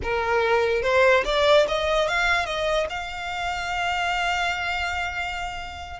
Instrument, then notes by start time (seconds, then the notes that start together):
violin
0.02 A#4
0.82 C5
1.25 D5
1.68 D#5
2.07 F5
2.45 D#5
2.89 F5